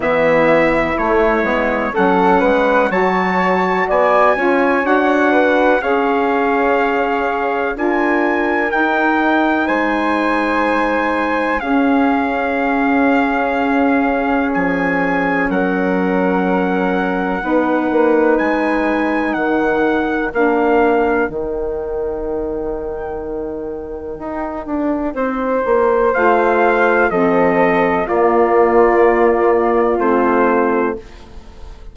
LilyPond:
<<
  \new Staff \with { instrumentName = "trumpet" } { \time 4/4 \tempo 4 = 62 e''4 cis''4 fis''4 a''4 | gis''4 fis''4 f''2 | gis''4 g''4 gis''2 | f''2. gis''4 |
fis''2. gis''4 | fis''4 f''4 g''2~ | g''2. f''4 | dis''4 d''2 c''4 | }
  \new Staff \with { instrumentName = "flute" } { \time 4/4 e'2 a'8 b'8 cis''4 | d''8 cis''4 b'8 cis''2 | ais'2 c''2 | gis'1 |
ais'2 b'2 | ais'1~ | ais'2 c''2 | a'4 f'2. | }
  \new Staff \with { instrumentName = "saxophone" } { \time 4/4 b4 a8 b8 cis'4 fis'4~ | fis'8 f'8 fis'4 gis'2 | f'4 dis'2. | cis'1~ |
cis'2 dis'2~ | dis'4 d'4 dis'2~ | dis'2. f'4 | c'4 ais2 c'4 | }
  \new Staff \with { instrumentName = "bassoon" } { \time 4/4 e4 a8 gis8 fis8 gis8 fis4 | b8 cis'8 d'4 cis'2 | d'4 dis'4 gis2 | cis'2. f4 |
fis2 b8 ais8 gis4 | dis4 ais4 dis2~ | dis4 dis'8 d'8 c'8 ais8 a4 | f4 ais2 a4 | }
>>